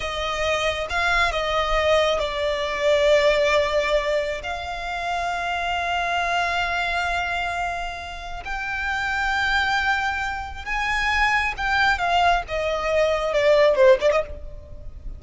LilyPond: \new Staff \with { instrumentName = "violin" } { \time 4/4 \tempo 4 = 135 dis''2 f''4 dis''4~ | dis''4 d''2.~ | d''2 f''2~ | f''1~ |
f''2. g''4~ | g''1 | gis''2 g''4 f''4 | dis''2 d''4 c''8 d''16 dis''16 | }